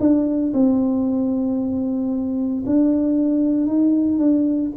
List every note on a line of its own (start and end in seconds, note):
0.00 0.53 D4
0.53 2.64 C4
2.66 3.67 D4
3.67 4.18 D#4
4.18 4.71 D4